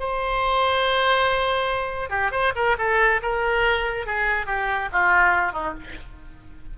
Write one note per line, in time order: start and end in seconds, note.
0.00 2.10 C5
2.10 2.32 G4
2.32 2.53 C5
2.56 2.77 A#4
2.79 3.21 A4
3.23 4.07 A#4
4.07 4.47 G#4
4.47 4.89 G4
4.93 5.53 F4
5.53 5.74 D#4